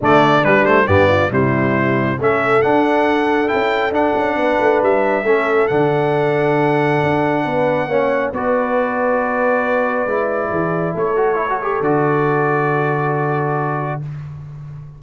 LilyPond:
<<
  \new Staff \with { instrumentName = "trumpet" } { \time 4/4 \tempo 4 = 137 d''4 b'8 c''8 d''4 c''4~ | c''4 e''4 fis''2 | g''4 fis''2 e''4~ | e''4 fis''2.~ |
fis''2. d''4~ | d''1~ | d''4 cis''2 d''4~ | d''1 | }
  \new Staff \with { instrumentName = "horn" } { \time 4/4 d'2 g'8 f'8 e'4~ | e'4 a'2.~ | a'2 b'2 | a'1~ |
a'4 b'4 cis''4 b'4~ | b'1 | gis'4 a'2.~ | a'1 | }
  \new Staff \with { instrumentName = "trombone" } { \time 4/4 a4 g8 a8 b4 g4~ | g4 cis'4 d'2 | e'4 d'2. | cis'4 d'2.~ |
d'2 cis'4 fis'4~ | fis'2. e'4~ | e'4. fis'8 e'16 fis'16 g'8 fis'4~ | fis'1 | }
  \new Staff \with { instrumentName = "tuba" } { \time 4/4 d4 g4 g,4 c4~ | c4 a4 d'2 | cis'4 d'8 cis'8 b8 a8 g4 | a4 d2. |
d'4 b4 ais4 b4~ | b2. gis4 | e4 a2 d4~ | d1 | }
>>